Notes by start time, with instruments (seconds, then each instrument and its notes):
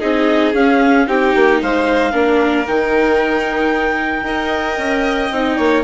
0.00 bassoon C4, viola D#4, violin G#4, clarinet D#5
0.54 viola C#4, bassoon C#4, clarinet F5
1.07 bassoon C4, viola D#4, violin G4, clarinet G5
1.35 bassoon A#3
1.62 bassoon G#3, violin C5, clarinet F5
2.11 bassoon A#3, viola D4, violin A#4
2.67 bassoon D#3, viola D#4, clarinet G5
4.23 bassoon D#4, viola A#4, violin D#5
4.78 bassoon C#4
5.31 bassoon C4, viola D#4
5.57 bassoon A#3, violin C#5